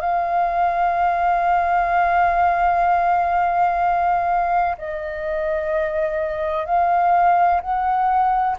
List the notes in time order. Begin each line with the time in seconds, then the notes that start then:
0.00 F5
4.77 D#5
6.65 F5
7.61 F#5